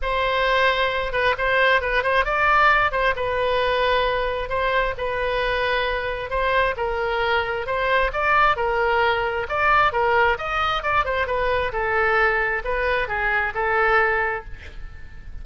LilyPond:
\new Staff \with { instrumentName = "oboe" } { \time 4/4 \tempo 4 = 133 c''2~ c''8 b'8 c''4 | b'8 c''8 d''4. c''8 b'4~ | b'2 c''4 b'4~ | b'2 c''4 ais'4~ |
ais'4 c''4 d''4 ais'4~ | ais'4 d''4 ais'4 dis''4 | d''8 c''8 b'4 a'2 | b'4 gis'4 a'2 | }